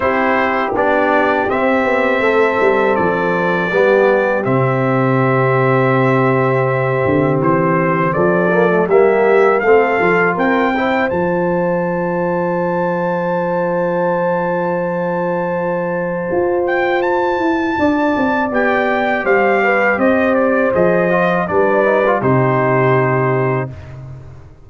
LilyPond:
<<
  \new Staff \with { instrumentName = "trumpet" } { \time 4/4 \tempo 4 = 81 c''4 d''4 e''2 | d''2 e''2~ | e''2 c''4 d''4 | e''4 f''4 g''4 a''4~ |
a''1~ | a''2~ a''8 g''8 a''4~ | a''4 g''4 f''4 dis''8 d''8 | dis''4 d''4 c''2 | }
  \new Staff \with { instrumentName = "horn" } { \time 4/4 g'2. a'4~ | a'4 g'2.~ | g'2. a'4 | g'4 a'4 ais'8 c''4.~ |
c''1~ | c''1 | d''2 c''8 b'8 c''4~ | c''4 b'4 g'2 | }
  \new Staff \with { instrumentName = "trombone" } { \time 4/4 e'4 d'4 c'2~ | c'4 b4 c'2~ | c'2.~ c'8 ais16 a16 | ais4 c'8 f'4 e'8 f'4~ |
f'1~ | f'1~ | f'4 g'2. | gis'8 f'8 d'8 dis'16 f'16 dis'2 | }
  \new Staff \with { instrumentName = "tuba" } { \time 4/4 c'4 b4 c'8 b8 a8 g8 | f4 g4 c2~ | c4. d8 e4 f4 | g4 a8 f8 c'4 f4~ |
f1~ | f2 f'4. e'8 | d'8 c'8 b4 g4 c'4 | f4 g4 c2 | }
>>